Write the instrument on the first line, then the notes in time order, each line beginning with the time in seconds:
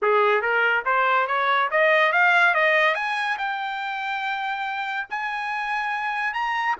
trumpet
0.01 G#4
0.41 A#4
0.85 C5
1.27 C#5
1.70 D#5
2.12 F5
2.54 D#5
2.94 G#5
3.38 G5
5.10 G#5
6.33 A#5